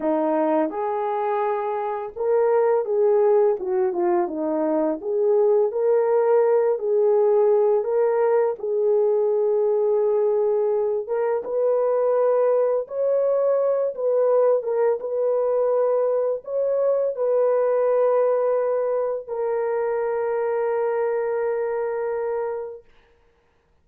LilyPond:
\new Staff \with { instrumentName = "horn" } { \time 4/4 \tempo 4 = 84 dis'4 gis'2 ais'4 | gis'4 fis'8 f'8 dis'4 gis'4 | ais'4. gis'4. ais'4 | gis'2.~ gis'8 ais'8 |
b'2 cis''4. b'8~ | b'8 ais'8 b'2 cis''4 | b'2. ais'4~ | ais'1 | }